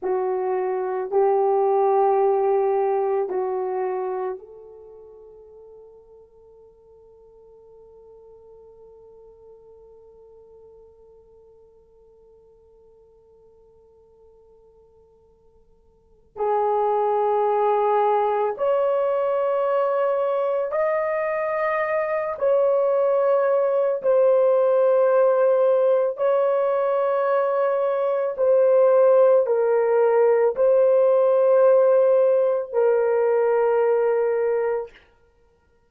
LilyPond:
\new Staff \with { instrumentName = "horn" } { \time 4/4 \tempo 4 = 55 fis'4 g'2 fis'4 | a'1~ | a'1~ | a'2. gis'4~ |
gis'4 cis''2 dis''4~ | dis''8 cis''4. c''2 | cis''2 c''4 ais'4 | c''2 ais'2 | }